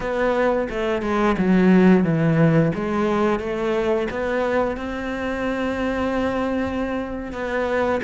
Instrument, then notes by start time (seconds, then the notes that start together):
cello
0.00 B3
0.69 A3
1.01 G#3
1.38 F#3
2.04 E3
2.75 G#3
3.39 A3
4.10 B3
4.76 C4
7.32 B3